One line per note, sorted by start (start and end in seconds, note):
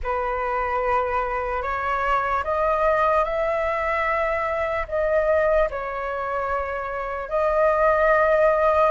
0.03 1.62 B4
1.62 2.43 C#5
2.43 3.24 D#5
3.24 4.86 E5
4.88 5.69 D#5
5.70 7.29 C#5
7.29 8.90 D#5